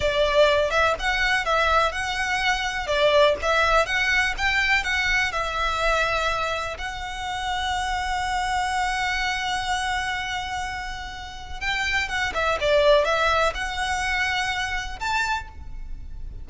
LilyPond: \new Staff \with { instrumentName = "violin" } { \time 4/4 \tempo 4 = 124 d''4. e''8 fis''4 e''4 | fis''2 d''4 e''4 | fis''4 g''4 fis''4 e''4~ | e''2 fis''2~ |
fis''1~ | fis''1 | g''4 fis''8 e''8 d''4 e''4 | fis''2. a''4 | }